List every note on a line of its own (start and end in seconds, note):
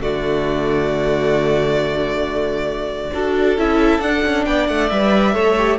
0.00 3.11 D3
0.00 3.13 A3
0.00 3.13 F#4
0.00 3.58 D5
3.14 3.58 D4
3.14 3.59 F#4
3.14 4.47 A4
3.58 3.99 C#4
3.58 4.02 E4
3.58 4.01 E5
3.99 4.22 D4
3.99 4.91 D4
3.99 4.45 F#5
4.26 4.47 C#4
4.45 4.69 B3
4.45 5.35 D5
4.45 4.67 G5
4.68 4.91 A3
4.68 4.89 F#5
4.89 5.36 G3
4.89 5.34 B4
4.89 5.78 E5
5.34 5.80 A3
5.34 5.56 A4
5.34 5.80 C#5
5.58 5.80 G4